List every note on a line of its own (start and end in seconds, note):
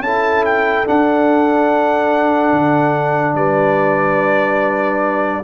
0.00 0.83 C#4
0.00 0.85 E4
0.00 3.36 A4
0.00 0.44 A5
0.45 0.87 G5
0.85 5.44 D4
0.85 2.53 D4
0.85 3.36 F#5
2.53 3.35 D3
3.35 5.43 G3
3.35 5.44 B4
3.35 5.44 D5